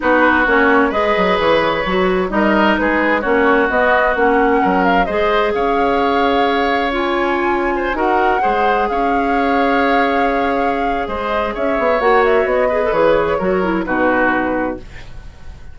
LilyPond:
<<
  \new Staff \with { instrumentName = "flute" } { \time 4/4 \tempo 4 = 130 b'4 cis''4 dis''4 cis''4~ | cis''4 dis''4 b'4 cis''4 | dis''4 fis''4. f''8 dis''4 | f''2. gis''4~ |
gis''4~ gis''16 fis''2 f''8.~ | f''1 | dis''4 e''4 fis''8 e''8 dis''4 | cis''2 b'2 | }
  \new Staff \with { instrumentName = "oboe" } { \time 4/4 fis'2 b'2~ | b'4 ais'4 gis'4 fis'4~ | fis'2 ais'4 c''4 | cis''1~ |
cis''8. c''8 ais'4 c''4 cis''8.~ | cis''1 | c''4 cis''2~ cis''8 b'8~ | b'4 ais'4 fis'2 | }
  \new Staff \with { instrumentName = "clarinet" } { \time 4/4 dis'4 cis'4 gis'2 | fis'4 dis'2 cis'4 | b4 cis'2 gis'4~ | gis'2. f'4~ |
f'4~ f'16 fis'4 gis'4.~ gis'16~ | gis'1~ | gis'2 fis'4. gis'16 a'16 | gis'4 fis'8 e'8 dis'2 | }
  \new Staff \with { instrumentName = "bassoon" } { \time 4/4 b4 ais4 gis8 fis8 e4 | fis4 g4 gis4 ais4 | b4 ais4 fis4 gis4 | cis'1~ |
cis'4~ cis'16 dis'4 gis4 cis'8.~ | cis'1 | gis4 cis'8 b8 ais4 b4 | e4 fis4 b,2 | }
>>